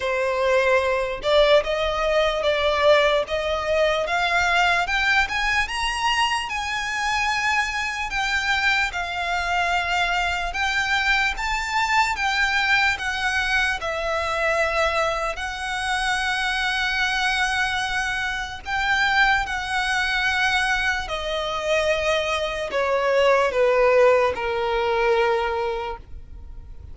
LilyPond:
\new Staff \with { instrumentName = "violin" } { \time 4/4 \tempo 4 = 74 c''4. d''8 dis''4 d''4 | dis''4 f''4 g''8 gis''8 ais''4 | gis''2 g''4 f''4~ | f''4 g''4 a''4 g''4 |
fis''4 e''2 fis''4~ | fis''2. g''4 | fis''2 dis''2 | cis''4 b'4 ais'2 | }